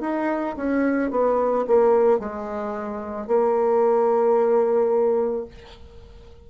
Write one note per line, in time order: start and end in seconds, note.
0.00 0.55 D#4
0.57 1.11 C#4
1.11 1.65 B3
1.67 2.19 A#3
2.19 3.27 G#3
3.27 5.45 A#3